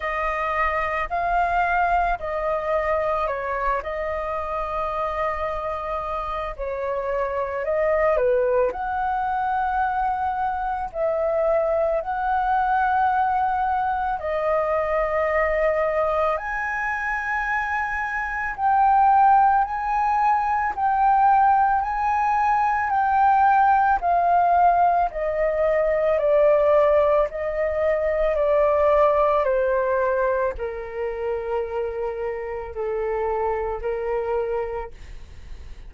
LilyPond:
\new Staff \with { instrumentName = "flute" } { \time 4/4 \tempo 4 = 55 dis''4 f''4 dis''4 cis''8 dis''8~ | dis''2 cis''4 dis''8 b'8 | fis''2 e''4 fis''4~ | fis''4 dis''2 gis''4~ |
gis''4 g''4 gis''4 g''4 | gis''4 g''4 f''4 dis''4 | d''4 dis''4 d''4 c''4 | ais'2 a'4 ais'4 | }